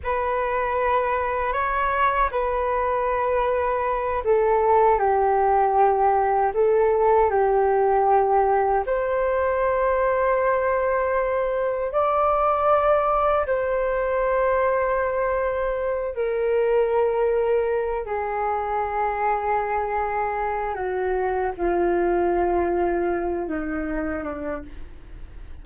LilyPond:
\new Staff \with { instrumentName = "flute" } { \time 4/4 \tempo 4 = 78 b'2 cis''4 b'4~ | b'4. a'4 g'4.~ | g'8 a'4 g'2 c''8~ | c''2.~ c''8 d''8~ |
d''4. c''2~ c''8~ | c''4 ais'2~ ais'8 gis'8~ | gis'2. fis'4 | f'2~ f'8 dis'4 d'8 | }